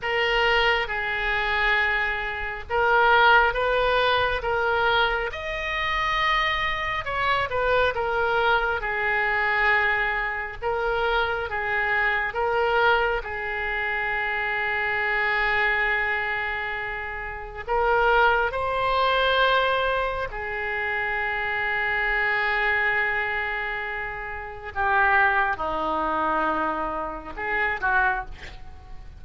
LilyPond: \new Staff \with { instrumentName = "oboe" } { \time 4/4 \tempo 4 = 68 ais'4 gis'2 ais'4 | b'4 ais'4 dis''2 | cis''8 b'8 ais'4 gis'2 | ais'4 gis'4 ais'4 gis'4~ |
gis'1 | ais'4 c''2 gis'4~ | gis'1 | g'4 dis'2 gis'8 fis'8 | }